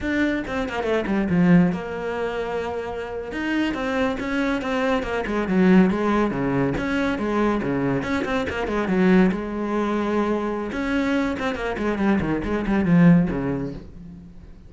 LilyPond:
\new Staff \with { instrumentName = "cello" } { \time 4/4 \tempo 4 = 140 d'4 c'8 ais8 a8 g8 f4 | ais2.~ ais8. dis'16~ | dis'8. c'4 cis'4 c'4 ais16~ | ais16 gis8 fis4 gis4 cis4 cis'16~ |
cis'8. gis4 cis4 cis'8 c'8 ais16~ | ais16 gis8 fis4 gis2~ gis16~ | gis4 cis'4. c'8 ais8 gis8 | g8 dis8 gis8 g8 f4 cis4 | }